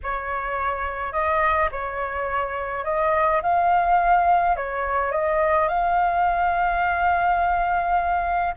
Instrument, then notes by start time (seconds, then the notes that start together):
flute
0.03 C#5
1.12 D#5
1.71 C#5
2.84 D#5
3.42 F5
4.56 C#5
5.11 D#5
5.68 F5